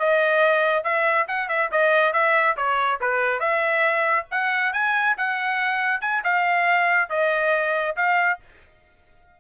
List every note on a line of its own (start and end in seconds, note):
0.00 0.84 D#5
0.84 1.27 E5
1.28 1.49 F#5
1.49 1.71 E5
1.72 2.13 D#5
2.13 2.57 E5
2.57 3.00 C#5
3.01 3.40 B4
3.40 4.27 E5
4.32 4.73 F#5
4.73 5.16 G#5
5.18 6.02 F#5
6.02 6.23 G#5
6.24 7.10 F5
7.10 7.96 D#5
7.97 8.40 F5